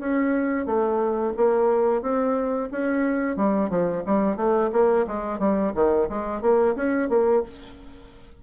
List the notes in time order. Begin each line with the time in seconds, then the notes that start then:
0.00 C#4
0.66 A3
1.37 A#3
2.02 C4
2.72 C#4
3.37 G3
3.70 F3
4.06 G3
4.37 A3
4.73 A#3
5.07 G#3
5.40 G3
5.75 D#3
6.09 G#3
6.42 A#3
6.76 C#4
7.10 A#3